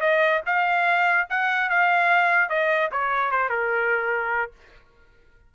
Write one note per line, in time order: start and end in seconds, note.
0.00 0.41 D#5
0.46 1.27 F5
1.29 1.69 F#5
1.69 2.49 F5
2.49 2.89 D#5
2.91 3.31 C#5
3.31 3.49 C5
3.49 4.51 A#4